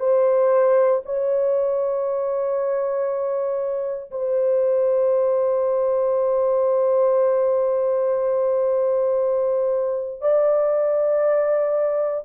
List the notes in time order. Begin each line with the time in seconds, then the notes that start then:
0.00 C5
1.05 C#5
4.11 C5
10.21 D5